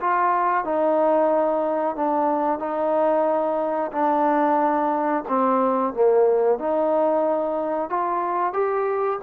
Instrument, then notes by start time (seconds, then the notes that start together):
trombone
0.00 F4
0.64 D#4
1.95 D4
2.59 D#4
3.92 D4
5.28 C4
5.93 A#3
6.58 D#4
7.89 F4
8.53 G4